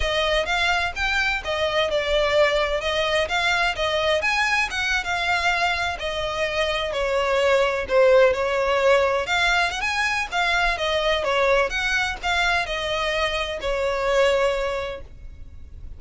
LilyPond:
\new Staff \with { instrumentName = "violin" } { \time 4/4 \tempo 4 = 128 dis''4 f''4 g''4 dis''4 | d''2 dis''4 f''4 | dis''4 gis''4 fis''8. f''4~ f''16~ | f''8. dis''2 cis''4~ cis''16~ |
cis''8. c''4 cis''2 f''16~ | f''8. fis''16 gis''4 f''4 dis''4 | cis''4 fis''4 f''4 dis''4~ | dis''4 cis''2. | }